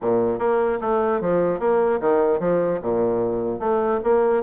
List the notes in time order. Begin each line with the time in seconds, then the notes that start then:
0.01 A#2
0.38 A#3
0.80 A3
1.21 F3
1.59 A#3
2.00 D#3
2.39 F3
2.81 A#2
3.59 A3
4.03 A#3